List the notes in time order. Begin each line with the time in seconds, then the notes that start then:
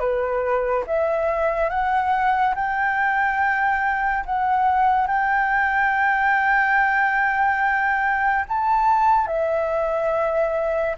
0.00 B4
0.87 E5
1.70 F#5
2.56 G5
4.26 F#5
5.07 G5
8.49 A5
9.27 E5